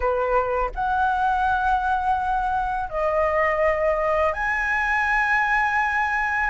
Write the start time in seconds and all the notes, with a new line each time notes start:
0.00 B4
0.74 F#5
2.89 D#5
4.33 G#5